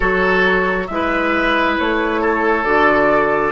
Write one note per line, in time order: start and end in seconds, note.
0.00 0.89 F#3
0.00 0.88 F#4
0.00 0.85 A4
0.00 0.87 C#5
0.87 1.78 G#3
0.87 2.64 E4
0.87 1.75 E5
0.93 2.21 B4
1.78 2.63 A3
1.78 2.64 C#5
2.21 3.52 A4
2.63 3.52 D3
2.63 3.52 F#4
2.63 3.52 D5